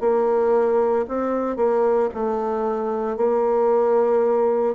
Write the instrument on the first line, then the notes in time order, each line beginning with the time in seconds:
bassoon
0.00 A#3
1.08 C4
1.56 A#3
2.14 A3
3.17 A#3